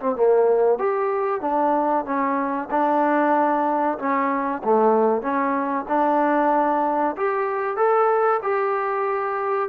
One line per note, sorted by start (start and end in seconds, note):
0.00 0.16 C4
0.16 0.79 A#3
0.79 1.41 G4
1.41 2.05 D4
2.05 2.69 C#4
2.71 3.98 D4
3.99 4.62 C#4
4.64 5.22 A3
5.22 5.86 C#4
5.88 7.16 D4
7.17 7.77 G4
7.77 8.41 A4
8.43 9.69 G4